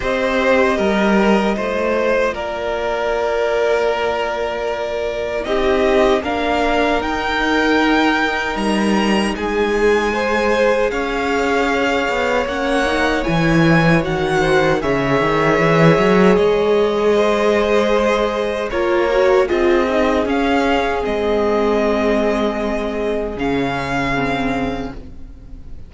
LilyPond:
<<
  \new Staff \with { instrumentName = "violin" } { \time 4/4 \tempo 4 = 77 dis''2. d''4~ | d''2. dis''4 | f''4 g''2 ais''4 | gis''2 f''2 |
fis''4 gis''4 fis''4 e''4~ | e''4 dis''2. | cis''4 dis''4 f''4 dis''4~ | dis''2 f''2 | }
  \new Staff \with { instrumentName = "violin" } { \time 4/4 c''4 ais'4 c''4 ais'4~ | ais'2. g'4 | ais'1 | gis'4 c''4 cis''2~ |
cis''2~ cis''8 c''8 cis''4~ | cis''2 c''2 | ais'4 gis'2.~ | gis'1 | }
  \new Staff \with { instrumentName = "viola" } { \time 4/4 g'2 f'2~ | f'2. dis'4 | d'4 dis'2.~ | dis'4 gis'2. |
cis'8 dis'8 e'4 fis'4 gis'4~ | gis'1 | f'8 fis'8 f'8 dis'8 cis'4 c'4~ | c'2 cis'4 c'4 | }
  \new Staff \with { instrumentName = "cello" } { \time 4/4 c'4 g4 a4 ais4~ | ais2. c'4 | ais4 dis'2 g4 | gis2 cis'4. b8 |
ais4 e4 dis4 cis8 dis8 | e8 fis8 gis2. | ais4 c'4 cis'4 gis4~ | gis2 cis2 | }
>>